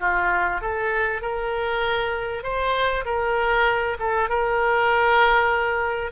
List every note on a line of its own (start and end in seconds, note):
0.00 0.61 F4
0.61 1.22 A4
1.22 2.43 A#4
2.43 3.04 C5
3.05 3.97 A#4
3.99 4.29 A4
4.29 6.11 A#4